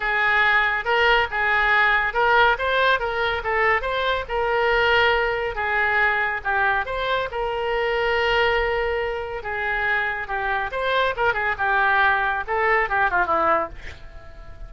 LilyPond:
\new Staff \with { instrumentName = "oboe" } { \time 4/4 \tempo 4 = 140 gis'2 ais'4 gis'4~ | gis'4 ais'4 c''4 ais'4 | a'4 c''4 ais'2~ | ais'4 gis'2 g'4 |
c''4 ais'2.~ | ais'2 gis'2 | g'4 c''4 ais'8 gis'8 g'4~ | g'4 a'4 g'8 f'8 e'4 | }